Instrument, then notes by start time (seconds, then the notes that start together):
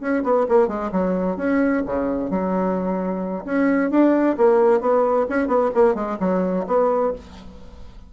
bassoon
0.00 C#4
0.23 B3
0.49 A#3
0.68 G#3
0.92 F#3
1.37 C#4
1.86 C#3
2.30 F#3
3.45 C#4
3.90 D4
4.37 A#3
4.80 B3
5.29 C#4
5.47 B3
5.75 A#3
5.94 G#3
6.20 F#3
6.67 B3